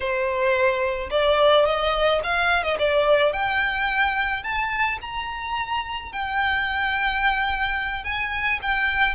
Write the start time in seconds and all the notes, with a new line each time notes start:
0.00 C5
1.10 D5
1.65 D#5
2.23 F5
2.63 D#5
2.78 D5
3.33 G5
4.43 A5
5.01 A#5
6.12 G5
8.04 G#5
8.61 G5